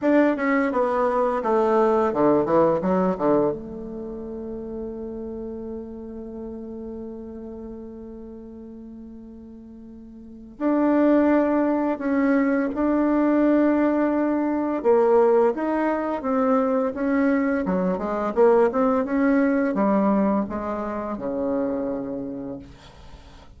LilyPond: \new Staff \with { instrumentName = "bassoon" } { \time 4/4 \tempo 4 = 85 d'8 cis'8 b4 a4 d8 e8 | fis8 d8 a2.~ | a1~ | a2. d'4~ |
d'4 cis'4 d'2~ | d'4 ais4 dis'4 c'4 | cis'4 fis8 gis8 ais8 c'8 cis'4 | g4 gis4 cis2 | }